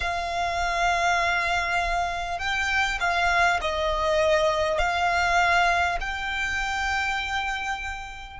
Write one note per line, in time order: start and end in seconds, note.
0.00 2.38 F5
2.38 2.98 G5
2.99 3.59 F5
3.61 4.78 D#5
4.78 5.98 F5
6.00 8.39 G5